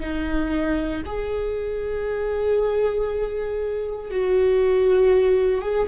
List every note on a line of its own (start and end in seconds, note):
0.00 1.02 D#4
1.05 4.10 G#4
4.10 5.62 F#4
5.62 5.87 G#4